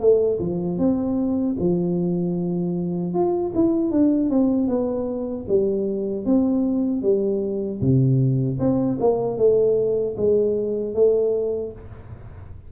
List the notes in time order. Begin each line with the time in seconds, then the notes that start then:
0.00 A3
0.39 F3
0.78 C4
1.60 F3
3.14 F4
3.55 E4
3.91 D4
4.30 C4
4.68 B3
5.48 G3
6.26 C4
7.02 G3
7.81 C3
8.59 C4
9.00 A#3
9.37 A3
10.17 G#3
10.94 A3